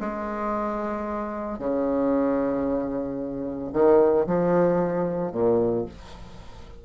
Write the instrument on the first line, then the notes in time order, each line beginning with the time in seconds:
bassoon
0.00 G#3
1.59 C#3
3.73 D#3
4.27 F3
5.32 A#2